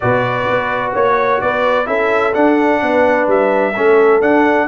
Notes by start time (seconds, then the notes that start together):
0.00 B2 F#4 B4 D5
0.49 B3
0.92 A#3 C#5
1.41 B3 B4 D5
1.85 C#4 E4 A4 E5
2.33 D4 F#5
2.82 B3 B4
3.27 G3 E5
3.73 A3 C#4 A4
4.21 D4 F#5